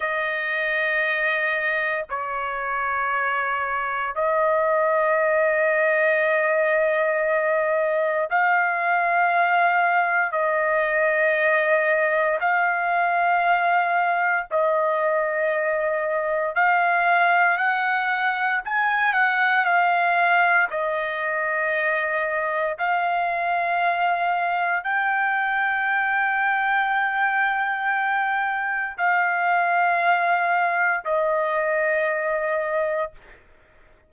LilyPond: \new Staff \with { instrumentName = "trumpet" } { \time 4/4 \tempo 4 = 58 dis''2 cis''2 | dis''1 | f''2 dis''2 | f''2 dis''2 |
f''4 fis''4 gis''8 fis''8 f''4 | dis''2 f''2 | g''1 | f''2 dis''2 | }